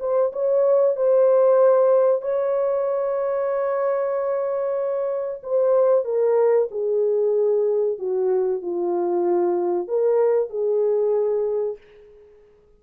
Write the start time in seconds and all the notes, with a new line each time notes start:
0.00 C5
0.33 C#5
0.97 C5
2.22 C#5
5.43 C5
6.05 A#4
6.71 G#4
7.99 F#4
8.62 F4
9.88 A#4
10.50 G#4